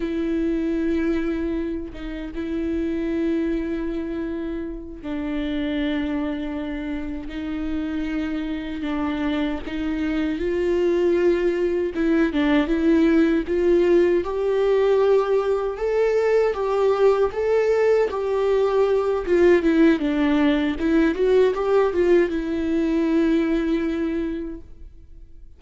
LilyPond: \new Staff \with { instrumentName = "viola" } { \time 4/4 \tempo 4 = 78 e'2~ e'8 dis'8 e'4~ | e'2~ e'8 d'4.~ | d'4. dis'2 d'8~ | d'8 dis'4 f'2 e'8 |
d'8 e'4 f'4 g'4.~ | g'8 a'4 g'4 a'4 g'8~ | g'4 f'8 e'8 d'4 e'8 fis'8 | g'8 f'8 e'2. | }